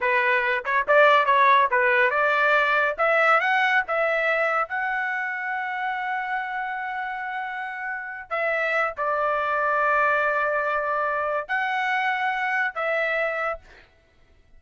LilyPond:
\new Staff \with { instrumentName = "trumpet" } { \time 4/4 \tempo 4 = 141 b'4. cis''8 d''4 cis''4 | b'4 d''2 e''4 | fis''4 e''2 fis''4~ | fis''1~ |
fis''2.~ fis''8 e''8~ | e''4 d''2.~ | d''2. fis''4~ | fis''2 e''2 | }